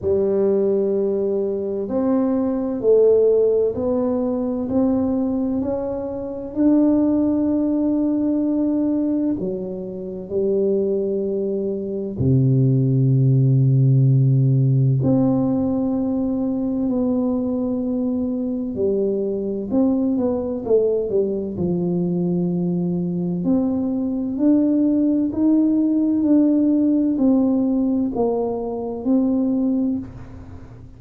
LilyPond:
\new Staff \with { instrumentName = "tuba" } { \time 4/4 \tempo 4 = 64 g2 c'4 a4 | b4 c'4 cis'4 d'4~ | d'2 fis4 g4~ | g4 c2. |
c'2 b2 | g4 c'8 b8 a8 g8 f4~ | f4 c'4 d'4 dis'4 | d'4 c'4 ais4 c'4 | }